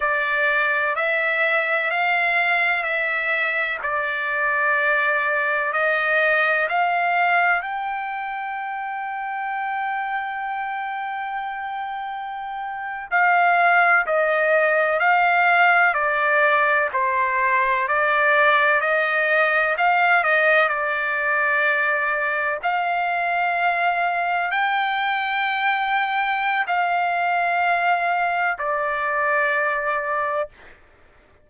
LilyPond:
\new Staff \with { instrumentName = "trumpet" } { \time 4/4 \tempo 4 = 63 d''4 e''4 f''4 e''4 | d''2 dis''4 f''4 | g''1~ | g''4.~ g''16 f''4 dis''4 f''16~ |
f''8. d''4 c''4 d''4 dis''16~ | dis''8. f''8 dis''8 d''2 f''16~ | f''4.~ f''16 g''2~ g''16 | f''2 d''2 | }